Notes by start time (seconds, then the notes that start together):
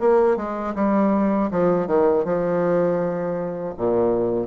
0.00 A#3
0.36 G#3
0.75 G3
1.51 F3
1.87 D#3
2.24 F3
3.77 A#2